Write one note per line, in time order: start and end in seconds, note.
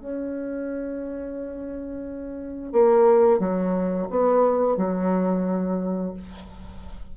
0.00 2.72 C#4
2.72 3.39 A#3
3.39 4.08 F#3
4.10 4.77 B3
4.77 6.13 F#3